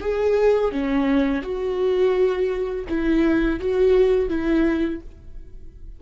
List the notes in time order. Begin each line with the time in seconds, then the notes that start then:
0.00 G#4
0.71 C#4
1.42 F#4
2.89 E4
3.60 F#4
4.29 E4